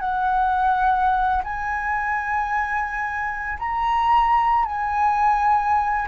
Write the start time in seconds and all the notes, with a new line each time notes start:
0.00 F#5
1.44 G#5
3.59 A#5
4.65 G#5